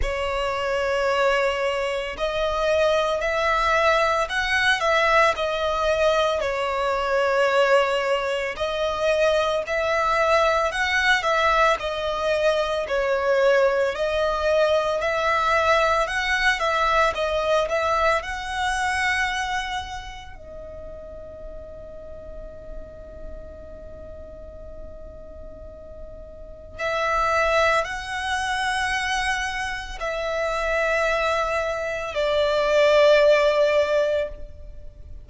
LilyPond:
\new Staff \with { instrumentName = "violin" } { \time 4/4 \tempo 4 = 56 cis''2 dis''4 e''4 | fis''8 e''8 dis''4 cis''2 | dis''4 e''4 fis''8 e''8 dis''4 | cis''4 dis''4 e''4 fis''8 e''8 |
dis''8 e''8 fis''2 dis''4~ | dis''1~ | dis''4 e''4 fis''2 | e''2 d''2 | }